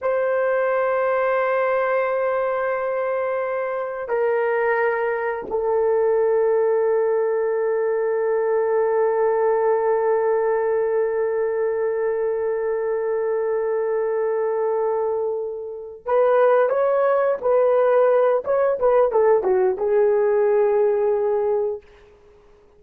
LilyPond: \new Staff \with { instrumentName = "horn" } { \time 4/4 \tempo 4 = 88 c''1~ | c''2 ais'2 | a'1~ | a'1~ |
a'1~ | a'2.~ a'8 b'8~ | b'8 cis''4 b'4. cis''8 b'8 | a'8 fis'8 gis'2. | }